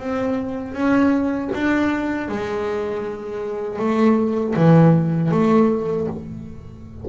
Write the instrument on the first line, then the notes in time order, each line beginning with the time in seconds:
double bass
0.00 C4
0.74 C#4
1.55 D4
2.29 G#3
3.79 A3
4.56 E3
5.32 A3